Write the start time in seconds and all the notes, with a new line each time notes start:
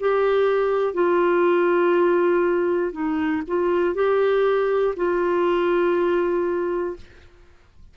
0.00 G4
0.94 F4
2.92 D#4
3.48 F4
3.95 G4
4.96 F4